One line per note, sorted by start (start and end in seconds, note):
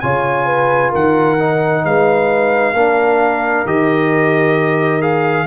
0.00 0.94 C#3
0.00 1.38 F4
0.00 0.46 C#5
0.00 0.91 G#5
0.46 0.91 B4
0.91 1.85 D#3
0.91 1.82 A#4
0.91 1.85 F#5
1.38 2.75 D#4
1.85 2.73 G#3
1.85 2.74 B4
1.85 3.67 F5
2.73 3.64 A#3
2.73 3.66 D4
2.73 5.46 A#4
3.65 5.47 D#3
3.65 5.01 G4
3.65 5.02 D#5
5.01 5.46 G#4
5.01 5.47 F5